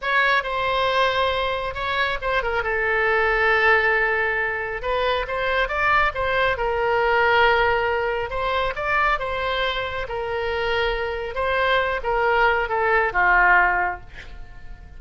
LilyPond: \new Staff \with { instrumentName = "oboe" } { \time 4/4 \tempo 4 = 137 cis''4 c''2. | cis''4 c''8 ais'8 a'2~ | a'2. b'4 | c''4 d''4 c''4 ais'4~ |
ais'2. c''4 | d''4 c''2 ais'4~ | ais'2 c''4. ais'8~ | ais'4 a'4 f'2 | }